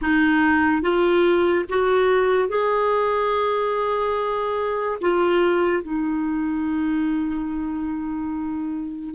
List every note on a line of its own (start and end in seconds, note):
0.02 0.81 D#4
0.81 1.65 F4
1.69 2.48 F#4
2.48 4.98 G#4
5.01 5.82 F4
5.82 9.14 D#4